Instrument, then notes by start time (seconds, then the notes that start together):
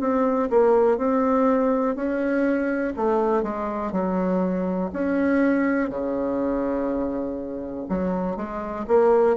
bassoon
0.00 C4
0.50 A#3
0.97 C4
1.95 C#4
2.96 A3
3.43 G#3
3.92 F#3
4.93 C#4
5.90 C#3
7.89 F#3
8.37 G#3
8.87 A#3